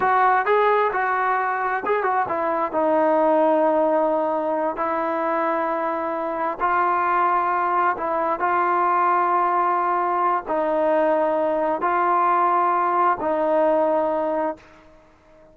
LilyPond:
\new Staff \with { instrumentName = "trombone" } { \time 4/4 \tempo 4 = 132 fis'4 gis'4 fis'2 | gis'8 fis'8 e'4 dis'2~ | dis'2~ dis'8 e'4.~ | e'2~ e'8 f'4.~ |
f'4. e'4 f'4.~ | f'2. dis'4~ | dis'2 f'2~ | f'4 dis'2. | }